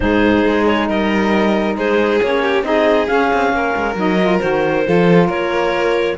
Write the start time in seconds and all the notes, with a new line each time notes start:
0.00 G#2 D#4 G#4 C5
0.45 G#3
0.66 C#5
0.88 G3 A#4 D#5
1.75 G#3 G#4 C5
2.22 A#3 C#4 C#5
2.42 G4
2.62 C4 D#4 G#4 D#5
3.06 C#4 F5
3.33 C4
3.52 A#3 A#4
3.76 G#3
3.95 F#3 D#4 D#5
4.21 F4
4.39 D#3 F#4 C5
4.83 F3 F4 A4
5.26 A#3 A#4 C#5